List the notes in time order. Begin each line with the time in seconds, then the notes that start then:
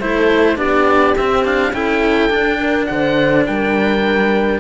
0.00 A3 E4 A4 C5
0.56 B3 D4 G4 D5
1.17 C4 E5
1.44 D4 F5
1.72 C#4 E4 A4 G5
2.29 D4
2.60 A#4
2.86 D3 C5 F#5
3.47 G3 A#4 G5